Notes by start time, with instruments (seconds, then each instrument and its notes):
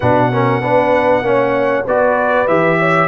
0.00 tuba B2, trombone D4, horn B4, trumpet F#5
0.32 trombone C#4, horn A#4
0.60 tuba B3, trombone D4, horn B4
1.22 tuba A#3, trombone C#4, horn C#5
1.84 tuba B3, trombone F#4, horn B4, trumpet D5
2.47 tuba E3, trombone G4, trumpet E5
2.79 horn C#5